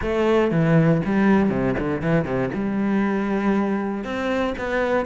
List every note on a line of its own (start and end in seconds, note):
0.01 0.51 A3
0.51 1.01 E3
1.05 1.49 G3
1.49 1.75 C3
1.79 2.01 D3
2.01 2.24 E3
2.24 2.50 C3
2.54 4.03 G3
4.03 4.54 C4
4.57 5.05 B3